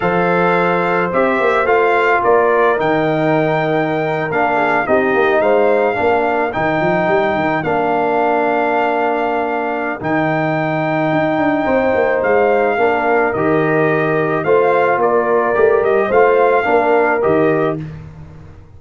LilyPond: <<
  \new Staff \with { instrumentName = "trumpet" } { \time 4/4 \tempo 4 = 108 f''2 e''4 f''4 | d''4 g''2~ g''8. f''16~ | f''8. dis''4 f''2 g''16~ | g''4.~ g''16 f''2~ f''16~ |
f''2 g''2~ | g''2 f''2 | dis''2 f''4 d''4~ | d''8 dis''8 f''2 dis''4 | }
  \new Staff \with { instrumentName = "horn" } { \time 4/4 c''1 | ais'1~ | ais'16 gis'8 g'4 c''4 ais'4~ ais'16~ | ais'1~ |
ais'1~ | ais'4 c''2 ais'4~ | ais'2 c''4 ais'4~ | ais'4 c''4 ais'2 | }
  \new Staff \with { instrumentName = "trombone" } { \time 4/4 a'2 g'4 f'4~ | f'4 dis'2~ dis'8. d'16~ | d'8. dis'2 d'4 dis'16~ | dis'4.~ dis'16 d'2~ d'16~ |
d'2 dis'2~ | dis'2. d'4 | g'2 f'2 | g'4 f'4 d'4 g'4 | }
  \new Staff \with { instrumentName = "tuba" } { \time 4/4 f2 c'8 ais8 a4 | ais4 dis2~ dis8. ais16~ | ais8. c'8 ais8 gis4 ais4 dis16~ | dis16 f8 g8 dis8 ais2~ ais16~ |
ais2 dis2 | dis'8 d'8 c'8 ais8 gis4 ais4 | dis2 a4 ais4 | a8 g8 a4 ais4 dis4 | }
>>